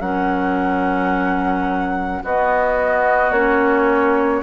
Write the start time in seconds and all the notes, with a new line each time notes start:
0.00 F#3 C#4 A#4 F#5
2.22 B3 F#4 D#5
3.31 A#3 C#4 C#5